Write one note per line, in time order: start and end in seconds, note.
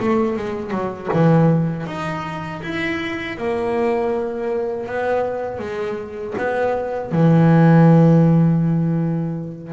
0.00 0.37 A3
0.37 0.71 G#3
0.71 1.08 F#3
1.13 1.87 E3
1.87 2.62 D#4
2.63 3.38 E4
3.38 4.87 A#3
4.87 5.59 B3
5.59 6.34 G#3
6.38 7.12 B3
7.12 9.73 E3